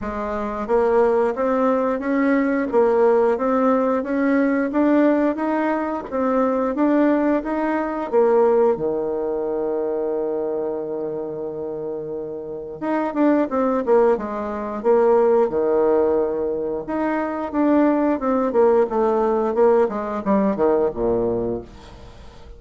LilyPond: \new Staff \with { instrumentName = "bassoon" } { \time 4/4 \tempo 4 = 89 gis4 ais4 c'4 cis'4 | ais4 c'4 cis'4 d'4 | dis'4 c'4 d'4 dis'4 | ais4 dis2.~ |
dis2. dis'8 d'8 | c'8 ais8 gis4 ais4 dis4~ | dis4 dis'4 d'4 c'8 ais8 | a4 ais8 gis8 g8 dis8 ais,4 | }